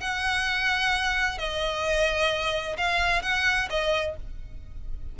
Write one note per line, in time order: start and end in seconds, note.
0.00 1.38 F#5
1.38 2.77 D#5
2.77 3.22 F5
3.22 3.68 F#5
3.70 4.16 D#5